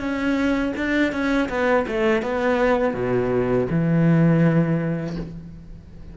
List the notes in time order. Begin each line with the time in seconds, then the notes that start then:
0.00 C#4
0.77 D4
1.12 C#4
1.49 B3
1.88 A3
2.23 B3
2.94 B2
3.71 E3